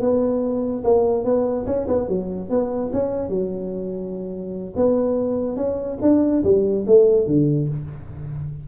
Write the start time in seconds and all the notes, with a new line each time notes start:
0.00 B3
0.84 A#3
1.24 B3
1.66 C#4
1.87 B3
2.08 F#3
2.49 B3
2.93 C#4
3.28 F#3
4.76 B3
5.56 C#4
6.02 D4
6.43 G3
6.87 A3
7.26 D3